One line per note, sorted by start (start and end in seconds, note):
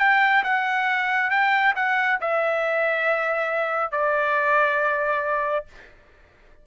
0.00 0.43 G5
0.43 1.30 F#5
1.30 1.74 G5
1.76 2.19 F#5
2.21 3.92 E5
3.92 5.66 D5